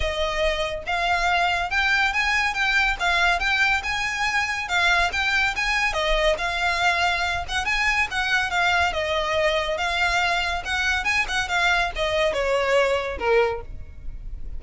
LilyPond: \new Staff \with { instrumentName = "violin" } { \time 4/4 \tempo 4 = 141 dis''2 f''2 | g''4 gis''4 g''4 f''4 | g''4 gis''2 f''4 | g''4 gis''4 dis''4 f''4~ |
f''4. fis''8 gis''4 fis''4 | f''4 dis''2 f''4~ | f''4 fis''4 gis''8 fis''8 f''4 | dis''4 cis''2 ais'4 | }